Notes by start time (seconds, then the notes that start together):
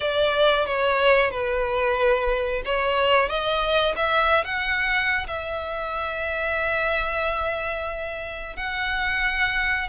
0.00 D5
0.66 C#5
1.30 B4
2.65 C#5
3.28 D#5
3.96 E5
4.44 F#5
5.27 E5
8.56 F#5